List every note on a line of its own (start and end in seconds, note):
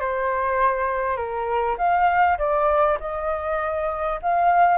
0.00 1.16 C5
1.16 1.76 A#4
1.78 2.38 F5
2.38 2.98 D5
2.99 4.19 D#5
4.22 4.77 F5